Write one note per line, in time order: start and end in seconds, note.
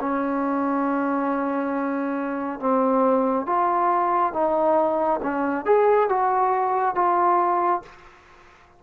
0.00 2.60 C#4
2.60 3.46 C4
3.46 4.33 F4
4.33 5.20 D#4
5.23 5.66 C#4
5.66 6.09 G#4
6.09 6.95 F#4
6.95 7.82 F4